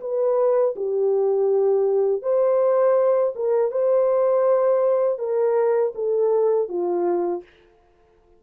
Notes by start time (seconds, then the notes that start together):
0.00 B4
0.75 G4
2.22 C5
3.35 A#4
3.71 C5
5.19 A#4
5.95 A4
6.68 F4